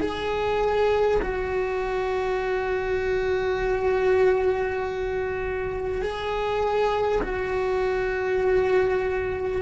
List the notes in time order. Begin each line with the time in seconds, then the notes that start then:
0.00 G#4
1.22 F#4
6.02 G#4
7.22 F#4